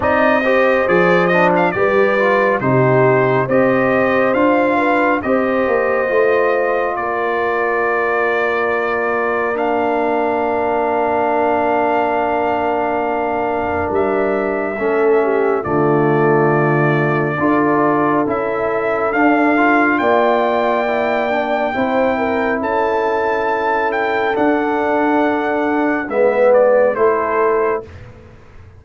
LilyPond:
<<
  \new Staff \with { instrumentName = "trumpet" } { \time 4/4 \tempo 4 = 69 dis''4 d''8 dis''16 f''16 d''4 c''4 | dis''4 f''4 dis''2 | d''2. f''4~ | f''1 |
e''2 d''2~ | d''4 e''4 f''4 g''4~ | g''2 a''4. g''8 | fis''2 e''8 d''8 c''4 | }
  \new Staff \with { instrumentName = "horn" } { \time 4/4 d''8 c''4. b'4 g'4 | c''4. b'8 c''2 | ais'1~ | ais'1~ |
ais'4 a'8 g'8 f'2 | a'2. d''4~ | d''4 c''8 ais'8 a'2~ | a'2 b'4 a'4 | }
  \new Staff \with { instrumentName = "trombone" } { \time 4/4 dis'8 g'8 gis'8 d'8 g'8 f'8 dis'4 | g'4 f'4 g'4 f'4~ | f'2. d'4~ | d'1~ |
d'4 cis'4 a2 | f'4 e'4 d'8 f'4. | e'8 d'8 e'2. | d'2 b4 e'4 | }
  \new Staff \with { instrumentName = "tuba" } { \time 4/4 c'4 f4 g4 c4 | c'4 d'4 c'8 ais8 a4 | ais1~ | ais1 |
g4 a4 d2 | d'4 cis'4 d'4 ais4~ | ais4 c'4 cis'2 | d'2 gis4 a4 | }
>>